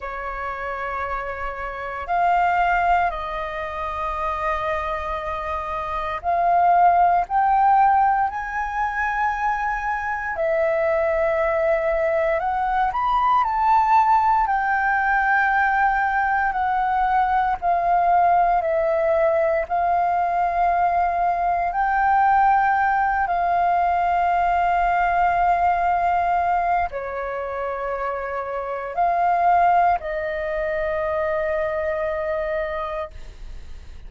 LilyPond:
\new Staff \with { instrumentName = "flute" } { \time 4/4 \tempo 4 = 58 cis''2 f''4 dis''4~ | dis''2 f''4 g''4 | gis''2 e''2 | fis''8 b''8 a''4 g''2 |
fis''4 f''4 e''4 f''4~ | f''4 g''4. f''4.~ | f''2 cis''2 | f''4 dis''2. | }